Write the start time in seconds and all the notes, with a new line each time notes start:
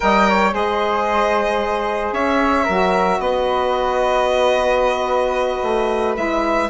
0.00 G3 A#4 D#5 G5
0.28 C#5
0.50 G#3 G#4 C5 D#5
2.12 C#4 C#5 E5
2.64 F#3 F#4 A#4
3.19 B3 B4 D#5
5.62 A3
6.15 G#3 E4 E5